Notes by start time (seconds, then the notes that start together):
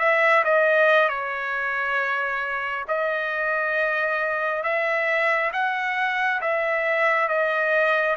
0.00 E5
0.45 D#5
1.09 C#5
2.89 D#5
4.64 E5
5.53 F#5
6.42 E5
7.29 D#5